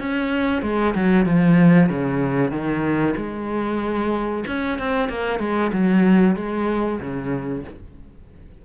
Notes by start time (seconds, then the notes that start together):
0.00 C#4
0.62 G#3
0.95 F#3
1.26 F3
1.89 C#3
2.51 D#3
3.17 G#3
4.47 C#4
4.79 C4
5.09 A#3
5.40 G#3
5.73 F#3
6.36 G#3
7.00 C#3